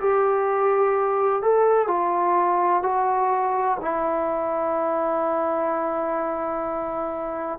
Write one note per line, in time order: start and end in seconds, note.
0.00 1.43 G4
1.43 1.88 A4
1.88 2.83 F4
2.83 3.78 F#4
3.81 7.59 E4